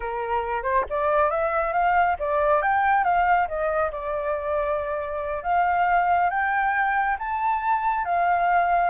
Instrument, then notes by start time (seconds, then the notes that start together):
flute
0.00 A#4
0.63 C5
0.89 D5
1.30 E5
1.73 F5
2.19 D5
2.62 G5
3.04 F5
3.47 D#5
3.91 D5
5.43 F5
6.30 G5
7.19 A5
8.04 F5